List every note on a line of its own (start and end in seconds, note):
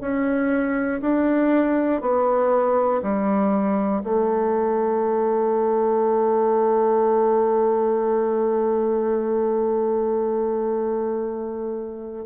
0.00 1.00 C#4
1.01 2.01 D4
2.01 3.01 B3
3.02 4.02 G3
4.03 12.25 A3